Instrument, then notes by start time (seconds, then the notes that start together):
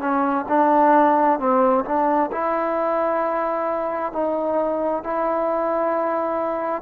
trombone
0.00 C#4
0.49 D4
1.39 C4
1.85 D4
2.32 E4
4.13 D#4
5.04 E4